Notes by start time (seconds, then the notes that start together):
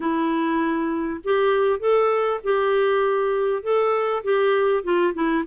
0.00 E4
1.24 G4
1.79 A4
2.43 G4
3.62 A4
4.23 G4
4.83 F4
5.14 E4